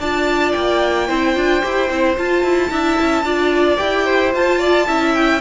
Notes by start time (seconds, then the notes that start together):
0.00 D4 F4 D5 A5
0.53 A#3 G5
1.08 C4 E4 C5
1.35 D4 F4
1.62 E4 G4
1.91 C4 E4
2.18 F4 A5
2.44 E4
2.70 D4 E4 E5
3.01 C#4
3.23 D4 F4 D5
3.78 E4 G4 G5
4.06 C5
4.33 F4 A5
4.59 D5
4.88 C#4 E4 E5
5.15 G5